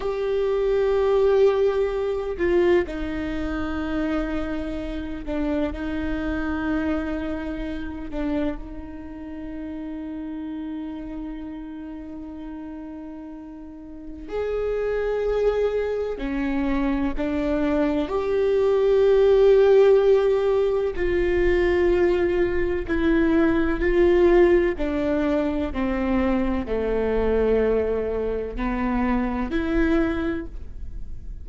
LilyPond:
\new Staff \with { instrumentName = "viola" } { \time 4/4 \tempo 4 = 63 g'2~ g'8 f'8 dis'4~ | dis'4. d'8 dis'2~ | dis'8 d'8 dis'2.~ | dis'2. gis'4~ |
gis'4 cis'4 d'4 g'4~ | g'2 f'2 | e'4 f'4 d'4 c'4 | a2 b4 e'4 | }